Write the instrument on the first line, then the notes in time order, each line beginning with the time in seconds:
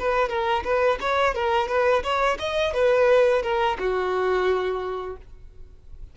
violin
0.00 B4
0.29 A#4
0.65 B4
1.01 C#5
1.35 A#4
1.69 B4
2.04 C#5
2.39 D#5
2.74 B4
3.43 A#4
3.79 F#4